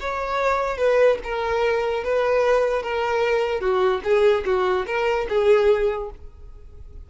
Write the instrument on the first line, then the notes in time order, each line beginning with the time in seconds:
violin
0.00 C#5
0.78 B4
1.24 A#4
2.04 B4
2.83 A#4
3.61 F#4
4.04 G#4
4.46 F#4
4.87 A#4
5.29 G#4